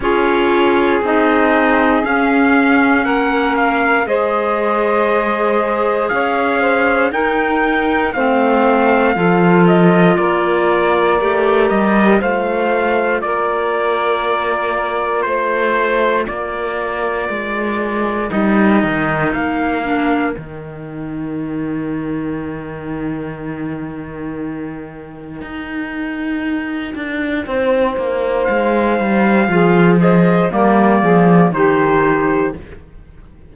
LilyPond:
<<
  \new Staff \with { instrumentName = "trumpet" } { \time 4/4 \tempo 4 = 59 cis''4 dis''4 f''4 fis''8 f''8 | dis''2 f''4 g''4 | f''4. dis''8 d''4. dis''8 | f''4 d''2 c''4 |
d''2 dis''4 f''4 | g''1~ | g''1 | f''4. dis''8 d''4 c''4 | }
  \new Staff \with { instrumentName = "saxophone" } { \time 4/4 gis'2. ais'4 | c''2 cis''8 c''8 ais'4 | c''4 a'4 ais'2 | c''4 ais'2 c''4 |
ais'1~ | ais'1~ | ais'2. c''4~ | c''4 gis'8 c''8 ais'8 gis'8 g'4 | }
  \new Staff \with { instrumentName = "clarinet" } { \time 4/4 f'4 dis'4 cis'2 | gis'2. dis'4 | c'4 f'2 g'4 | f'1~ |
f'2 dis'4. d'8 | dis'1~ | dis'1~ | dis'4 f'8 gis'8 ais4 dis'4 | }
  \new Staff \with { instrumentName = "cello" } { \time 4/4 cis'4 c'4 cis'4 ais4 | gis2 cis'4 dis'4 | a4 f4 ais4 a8 g8 | a4 ais2 a4 |
ais4 gis4 g8 dis8 ais4 | dis1~ | dis4 dis'4. d'8 c'8 ais8 | gis8 g8 f4 g8 f8 dis4 | }
>>